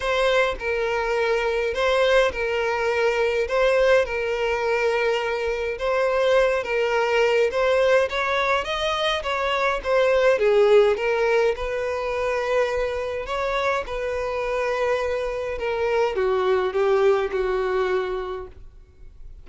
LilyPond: \new Staff \with { instrumentName = "violin" } { \time 4/4 \tempo 4 = 104 c''4 ais'2 c''4 | ais'2 c''4 ais'4~ | ais'2 c''4. ais'8~ | ais'4 c''4 cis''4 dis''4 |
cis''4 c''4 gis'4 ais'4 | b'2. cis''4 | b'2. ais'4 | fis'4 g'4 fis'2 | }